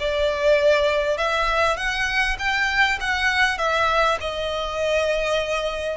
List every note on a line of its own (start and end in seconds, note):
0.00 1.18 D5
1.18 1.77 E5
1.77 2.37 F#5
2.39 2.99 G5
3.01 3.58 F#5
3.58 4.18 E5
4.21 5.98 D#5